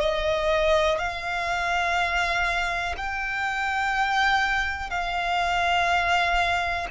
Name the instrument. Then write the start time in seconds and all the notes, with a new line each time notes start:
violin
0.00 D#5
0.98 F5
2.97 G5
4.90 F5